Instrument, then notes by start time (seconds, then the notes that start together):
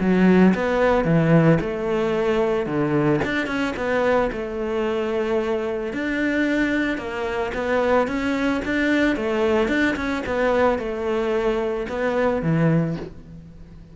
cello
0.00 F#3
0.55 B3
1.05 E3
1.61 A3
2.67 D3
3.25 D4
3.47 C#4
3.77 B3
4.32 A3
5.93 D4
6.98 A#3
7.55 B3
8.08 C#4
8.66 D4
9.17 A3
9.69 D4
9.97 C#4
10.27 B3
10.79 A3
11.89 B3
12.43 E3